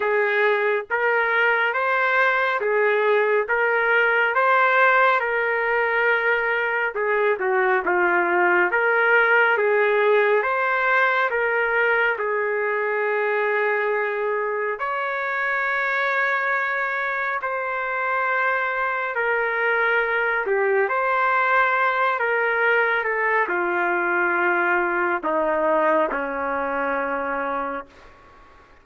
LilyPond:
\new Staff \with { instrumentName = "trumpet" } { \time 4/4 \tempo 4 = 69 gis'4 ais'4 c''4 gis'4 | ais'4 c''4 ais'2 | gis'8 fis'8 f'4 ais'4 gis'4 | c''4 ais'4 gis'2~ |
gis'4 cis''2. | c''2 ais'4. g'8 | c''4. ais'4 a'8 f'4~ | f'4 dis'4 cis'2 | }